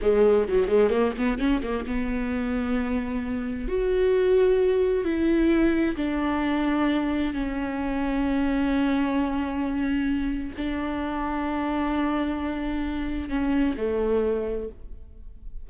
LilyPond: \new Staff \with { instrumentName = "viola" } { \time 4/4 \tempo 4 = 131 gis4 fis8 gis8 ais8 b8 cis'8 ais8 | b1 | fis'2. e'4~ | e'4 d'2. |
cis'1~ | cis'2. d'4~ | d'1~ | d'4 cis'4 a2 | }